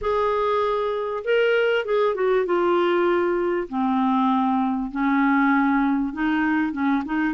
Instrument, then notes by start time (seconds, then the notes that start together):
clarinet
0.01 G#4
1.24 A#4
1.85 G#4
2.15 F#4
2.45 F4
3.68 C4
4.91 C#4
6.13 D#4
6.72 C#4
7.05 D#4